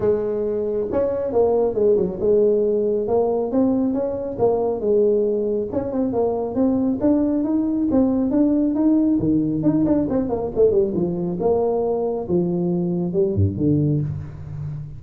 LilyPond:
\new Staff \with { instrumentName = "tuba" } { \time 4/4 \tempo 4 = 137 gis2 cis'4 ais4 | gis8 fis8 gis2 ais4 | c'4 cis'4 ais4 gis4~ | gis4 cis'8 c'8 ais4 c'4 |
d'4 dis'4 c'4 d'4 | dis'4 dis4 dis'8 d'8 c'8 ais8 | a8 g8 f4 ais2 | f2 g8 g,8 d4 | }